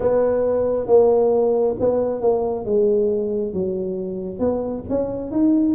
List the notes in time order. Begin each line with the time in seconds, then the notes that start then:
0.00 B3
0.86 A#3
1.79 B3
2.21 A#3
2.65 G#3
3.53 F#3
4.39 B3
4.89 C#4
5.31 D#4